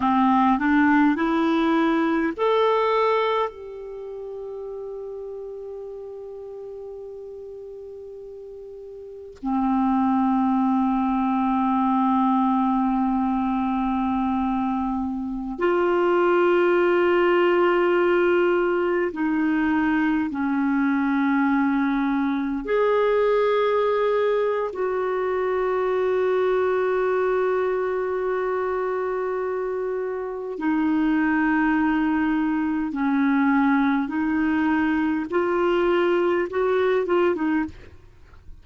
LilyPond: \new Staff \with { instrumentName = "clarinet" } { \time 4/4 \tempo 4 = 51 c'8 d'8 e'4 a'4 g'4~ | g'1 | c'1~ | c'4~ c'16 f'2~ f'8.~ |
f'16 dis'4 cis'2 gis'8.~ | gis'4 fis'2.~ | fis'2 dis'2 | cis'4 dis'4 f'4 fis'8 f'16 dis'16 | }